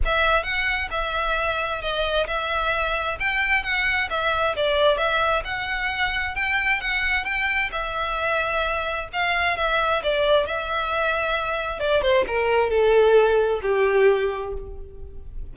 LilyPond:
\new Staff \with { instrumentName = "violin" } { \time 4/4 \tempo 4 = 132 e''4 fis''4 e''2 | dis''4 e''2 g''4 | fis''4 e''4 d''4 e''4 | fis''2 g''4 fis''4 |
g''4 e''2. | f''4 e''4 d''4 e''4~ | e''2 d''8 c''8 ais'4 | a'2 g'2 | }